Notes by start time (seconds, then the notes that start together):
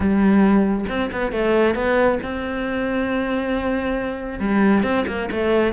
0.00 G3
0.88 C4
1.11 B3
1.32 A3
1.74 B3
2.22 C4
4.39 G3
4.83 C4
5.07 A#3
5.31 A3